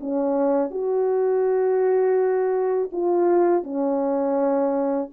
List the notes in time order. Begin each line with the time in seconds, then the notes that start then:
0.00 C#4
0.71 F#4
2.92 F4
3.63 C#4